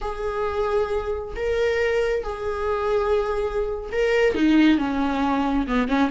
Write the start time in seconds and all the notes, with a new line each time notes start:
0.01 G#4
1.36 A#4
2.23 G#4
3.92 A#4
4.34 D#4
4.78 C#4
5.67 B3
5.87 C#4